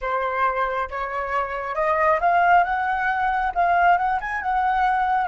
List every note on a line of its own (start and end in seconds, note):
0.01 0.89 C5
0.89 1.75 C#5
1.75 2.19 D#5
2.20 2.64 F5
2.64 3.52 F#5
3.55 3.97 F5
3.97 4.19 F#5
4.21 4.41 G#5
4.41 5.27 F#5